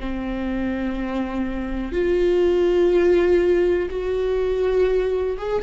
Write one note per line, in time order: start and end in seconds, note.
0.00 1.93 C4
1.93 3.89 F4
3.90 5.38 F#4
5.38 5.63 G#4